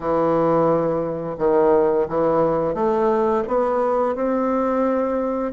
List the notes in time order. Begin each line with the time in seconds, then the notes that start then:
0.00 E3
1.38 D#3
2.08 E3
2.74 A3
3.47 B3
4.15 C4